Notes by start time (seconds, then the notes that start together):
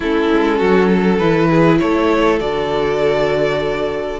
0.00 A3 C#4 E4 A4
0.31 G#3
0.58 F#3 F#4
0.88 A4
1.18 E3 E4 B4
1.50 G#4
1.79 A3 A4 C#5
2.39 D3 F#4 D5